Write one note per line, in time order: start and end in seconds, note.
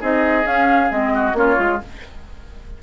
0.00 0.45 C4
0.00 0.43 D#4
0.00 1.13 G#4
0.00 0.46 D#5
0.43 0.88 C#4
0.43 0.90 C#4
0.43 0.92 F5
0.90 1.33 G#3
0.90 1.34 C4
0.90 1.37 D#5
1.14 1.36 F#4
1.33 1.56 A#3
1.33 1.56 C#4
1.33 1.82 F4
1.33 1.82 C#5
1.56 1.81 G#3
1.56 1.78 F4